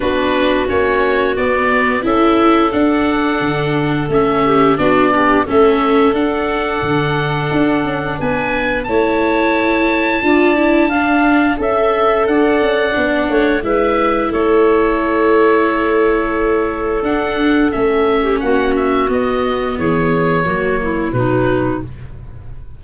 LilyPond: <<
  \new Staff \with { instrumentName = "oboe" } { \time 4/4 \tempo 4 = 88 b'4 cis''4 d''4 e''4 | fis''2 e''4 d''4 | e''4 fis''2. | gis''4 a''2.~ |
a''4 e''4 fis''2 | e''4 cis''2.~ | cis''4 fis''4 e''4 fis''8 e''8 | dis''4 cis''2 b'4 | }
  \new Staff \with { instrumentName = "clarinet" } { \time 4/4 fis'2. a'4~ | a'2~ a'8 g'8 fis'8 d'8 | a'1 | b'4 cis''2 d''4 |
f''4 e''4 d''4. cis''8 | b'4 a'2.~ | a'2~ a'8. g'16 fis'4~ | fis'4 gis'4 fis'8 e'8 dis'4 | }
  \new Staff \with { instrumentName = "viola" } { \time 4/4 d'4 cis'4 b4 e'4 | d'2 cis'4 d'8 g'8 | cis'4 d'2.~ | d'4 e'2 f'8 e'8 |
d'4 a'2 d'4 | e'1~ | e'4 d'4 cis'2 | b2 ais4 fis4 | }
  \new Staff \with { instrumentName = "tuba" } { \time 4/4 b4 ais4 b4 cis'4 | d'4 d4 a4 b4 | a4 d'4 d4 d'8 cis'8 | b4 a2 d'4~ |
d'4 cis'4 d'8 cis'8 b8 a8 | gis4 a2.~ | a4 d'4 a4 ais4 | b4 e4 fis4 b,4 | }
>>